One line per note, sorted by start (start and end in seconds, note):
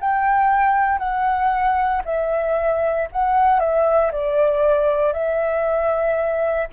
0.00 0.99 G5
0.99 2.02 F#5
2.05 3.08 E5
3.12 3.60 F#5
3.60 4.11 E5
4.12 5.13 D5
5.13 6.68 E5